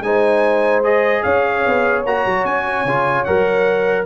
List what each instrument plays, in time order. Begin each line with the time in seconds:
0.00 tuba G#3, trombone D#4, horn C5, trumpet G#5
0.83 trombone G#4, trumpet D#5
1.22 tuba C#4, horn C#5, trumpet F5
1.66 tuba B3
2.05 tuba A#3, trombone F#4, trumpet A#5
2.25 tuba F#3
2.45 tuba C#4, trumpet G#5
2.84 tuba C#3, trombone F4
3.24 tuba F#3, trombone A#4, trumpet F#5